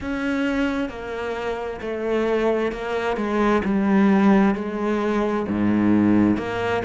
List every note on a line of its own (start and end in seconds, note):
0.00 0.89 C#4
0.89 1.80 A#3
1.81 2.71 A3
2.71 3.16 A#3
3.16 3.62 G#3
3.64 4.55 G3
4.55 5.45 G#3
5.48 6.37 G#2
6.37 6.82 A#3